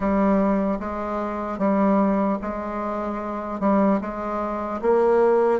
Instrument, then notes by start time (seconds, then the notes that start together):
bassoon
0.00 G3
0.79 G#3
1.58 G3
2.41 G#3
3.60 G3
4.00 G#3
4.81 A#3